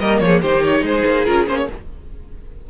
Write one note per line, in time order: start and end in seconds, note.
0.00 0.20 G3
0.00 0.43 A#3
0.00 0.21 A#4
0.00 0.19 D#5
0.19 0.41 F3
0.19 0.42 G#4
0.19 0.40 C#5
0.42 0.82 D#3
0.42 1.26 D#4
0.42 0.84 G4
0.42 0.63 C5
0.64 0.85 C#5
0.82 1.03 G#3
0.82 1.70 G#4
0.82 1.25 C5
1.06 1.27 A#3
1.25 1.47 C#4
1.25 1.47 F4
1.25 1.46 A#4
1.47 1.68 A#3
1.47 1.68 C#4
1.47 1.58 C5
1.58 1.68 C#5